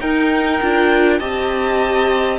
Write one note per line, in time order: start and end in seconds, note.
0.00 0.60 D#4
0.00 0.61 D#4
0.00 1.19 A#4
0.00 1.19 G5
0.61 1.20 D4
0.61 1.20 F4
1.19 2.38 C4
1.19 2.38 G4
1.19 2.38 D#5
1.19 2.38 A5